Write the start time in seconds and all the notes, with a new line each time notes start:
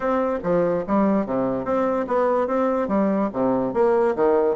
0.00 C4
0.43 F3
0.87 G3
1.25 C3
1.64 C4
2.07 B3
2.47 C4
2.88 G3
3.32 C3
3.73 A#3
4.15 D#3